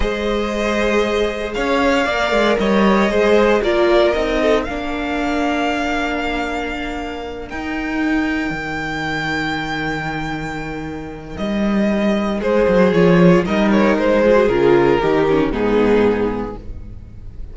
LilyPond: <<
  \new Staff \with { instrumentName = "violin" } { \time 4/4 \tempo 4 = 116 dis''2. f''4~ | f''4 dis''2 d''4 | dis''4 f''2.~ | f''2~ f''8 g''4.~ |
g''1~ | g''2 dis''2 | c''4 cis''4 dis''8 cis''8 c''4 | ais'2 gis'2 | }
  \new Staff \with { instrumentName = "violin" } { \time 4/4 c''2. cis''4 | d''4 cis''4 c''4 ais'4~ | ais'8 a'8 ais'2.~ | ais'1~ |
ais'1~ | ais'1 | gis'2 ais'4. gis'8~ | gis'4 g'4 dis'2 | }
  \new Staff \with { instrumentName = "viola" } { \time 4/4 gis'1 | ais'2 gis'4 f'4 | dis'4 d'2.~ | d'2~ d'8 dis'4.~ |
dis'1~ | dis'1~ | dis'4 f'4 dis'4. f'16 fis'16 | f'4 dis'8 cis'8 b2 | }
  \new Staff \with { instrumentName = "cello" } { \time 4/4 gis2. cis'4 | ais8 gis8 g4 gis4 ais4 | c'4 ais2.~ | ais2~ ais8 dis'4.~ |
dis'8 dis2.~ dis8~ | dis2 g2 | gis8 fis8 f4 g4 gis4 | cis4 dis4 gis,2 | }
>>